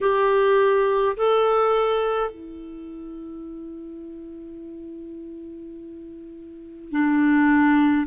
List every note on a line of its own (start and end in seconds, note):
0.00 1.15 G4
1.16 2.30 A4
2.30 6.91 E4
6.91 8.06 D4